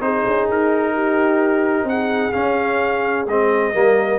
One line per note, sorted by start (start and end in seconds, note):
0.00 0.24 C4
0.00 2.33 D#4
0.00 0.94 G#4
0.00 0.48 C5
0.26 0.48 C#4
0.48 1.84 D#4
0.48 1.88 A#4
0.94 1.87 G4
1.84 2.30 C4
1.84 2.32 F#5
1.90 3.74 G#4
2.32 3.26 C#4
2.32 3.27 C#4
2.32 3.25 F5
3.27 3.73 G#3
3.27 3.74 C4
3.27 4.19 D#5
3.74 4.19 G3
3.74 4.19 A#3
3.74 4.19 A#4